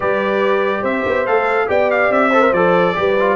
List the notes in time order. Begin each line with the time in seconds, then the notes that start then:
0.00 G3 G4 B4 D5
0.81 C4 C5 E5
1.05 B3
1.26 A3 A4 F5
1.67 B3 G4 D5 G5
1.90 F5
2.10 C4 E5
2.29 A4 C5
2.41 A#4
2.52 F3 A4 D5
2.94 G3 G4 B4
3.19 F4